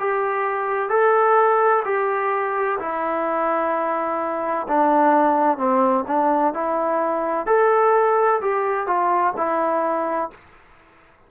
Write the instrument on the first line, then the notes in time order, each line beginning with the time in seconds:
trombone
0.00 G4
0.89 A4
1.85 G4
2.80 E4
4.68 D4
5.58 C4
6.07 D4
6.54 E4
7.47 A4
8.42 G4
8.87 F4
9.37 E4